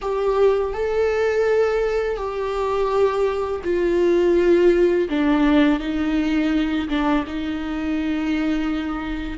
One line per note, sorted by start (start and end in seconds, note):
0.01 0.73 G4
0.73 2.16 A4
2.16 3.61 G4
3.63 5.08 F4
5.09 5.79 D4
5.79 6.88 D#4
6.88 7.25 D4
7.27 9.38 D#4